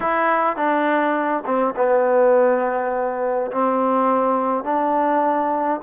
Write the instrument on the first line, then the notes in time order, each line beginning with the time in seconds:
trombone
0.00 E4
0.56 D4
1.45 C4
1.76 B3
3.51 C4
4.63 D4